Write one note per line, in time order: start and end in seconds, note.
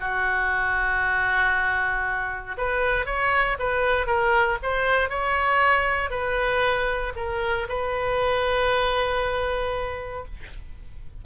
0.00 2.56 F#4
2.57 3.06 B4
3.06 3.57 C#5
3.59 4.07 B4
4.07 4.58 A#4
4.63 5.09 C5
5.09 6.10 C#5
6.10 7.13 B4
7.16 7.67 A#4
7.68 10.25 B4